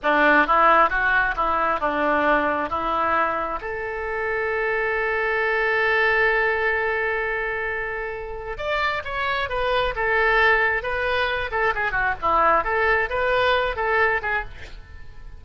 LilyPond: \new Staff \with { instrumentName = "oboe" } { \time 4/4 \tempo 4 = 133 d'4 e'4 fis'4 e'4 | d'2 e'2 | a'1~ | a'1~ |
a'2. d''4 | cis''4 b'4 a'2 | b'4. a'8 gis'8 fis'8 e'4 | a'4 b'4. a'4 gis'8 | }